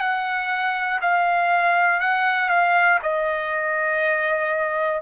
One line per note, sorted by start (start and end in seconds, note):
0.00 1.00 F#5
1.01 2.00 F5
2.00 2.49 F#5
2.49 2.99 F5
3.02 5.01 D#5